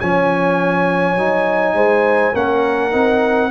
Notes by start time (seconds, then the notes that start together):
0.00 F3 C#4 C#5 G#5
1.16 F#3 D#4
1.74 G#3 C5
2.33 A#3 C#4 A#4 F#5
2.91 C4 D#4